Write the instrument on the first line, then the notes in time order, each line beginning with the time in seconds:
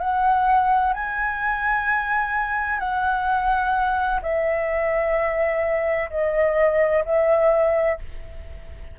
flute
0.00 F#5
0.93 G#5
2.79 F#5
4.22 E5
6.10 D#5
7.05 E5